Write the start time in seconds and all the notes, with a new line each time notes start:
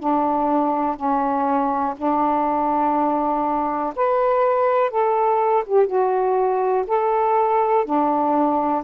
0.00 D4
0.97 C#4
1.97 D4
3.96 B4
4.90 A4
5.66 G4
5.87 F#4
6.88 A4
7.86 D4